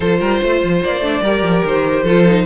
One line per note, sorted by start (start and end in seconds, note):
0.00 0.20 F3
0.00 1.02 F4
0.00 0.20 A4
0.00 0.82 C5
0.20 0.40 G3
0.20 0.40 A#4
0.41 0.63 A3
0.41 1.22 C5
0.63 0.83 F3
0.83 0.99 A#3
0.83 1.65 D5
0.99 1.20 A3
0.99 1.22 D4
1.21 1.42 G3
1.21 2.07 G4
1.21 2.03 A#4
1.42 1.62 F3
1.64 2.03 D#3
1.64 2.46 C5
2.03 2.44 F3
2.03 2.26 F4
2.03 2.44 A4
2.26 2.46 D#4